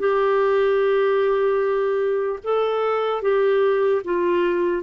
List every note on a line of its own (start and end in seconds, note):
0.00 2.40 G4
2.44 3.23 A4
3.23 4.03 G4
4.05 4.83 F4